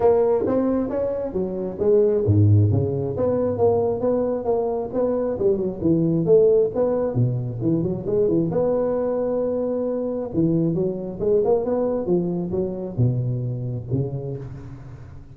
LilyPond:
\new Staff \with { instrumentName = "tuba" } { \time 4/4 \tempo 4 = 134 ais4 c'4 cis'4 fis4 | gis4 gis,4 cis4 b4 | ais4 b4 ais4 b4 | g8 fis8 e4 a4 b4 |
b,4 e8 fis8 gis8 e8 b4~ | b2. e4 | fis4 gis8 ais8 b4 f4 | fis4 b,2 cis4 | }